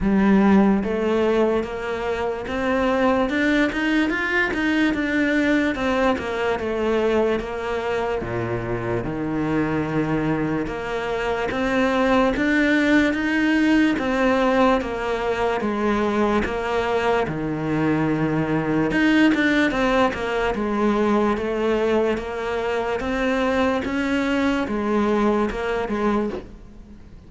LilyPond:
\new Staff \with { instrumentName = "cello" } { \time 4/4 \tempo 4 = 73 g4 a4 ais4 c'4 | d'8 dis'8 f'8 dis'8 d'4 c'8 ais8 | a4 ais4 ais,4 dis4~ | dis4 ais4 c'4 d'4 |
dis'4 c'4 ais4 gis4 | ais4 dis2 dis'8 d'8 | c'8 ais8 gis4 a4 ais4 | c'4 cis'4 gis4 ais8 gis8 | }